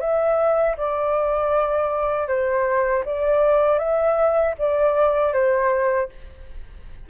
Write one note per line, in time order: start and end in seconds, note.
0.00 0.76 E5
0.77 2.28 D5
2.28 3.04 C5
3.05 3.78 D5
3.78 4.54 E5
4.58 5.33 D5
5.33 6.09 C5